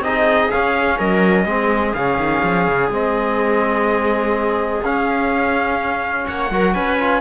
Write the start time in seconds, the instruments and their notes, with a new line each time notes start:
0.00 cello C4, trombone D#4, viola G#4, trumpet D#5
0.51 trombone C#4, cello C#4, trumpet F5
0.98 cello F#3, viola A#4, trumpet D#5
1.45 cello G#3, trombone C4, viola G#4
1.93 cello C#3, trombone C#4, trumpet F5
2.17 cello D#3
2.43 cello F3
2.67 cello C#3
2.90 cello G#3, trombone C4, trumpet D#5
4.82 cello C#4, trombone C#4, trumpet F5
6.27 cello A#3, viola C#5, trumpet F#5
6.50 cello F#3, trombone F#4, viola A#4
6.73 cello C#4, viola B4, trumpet G#5
6.99 trombone F4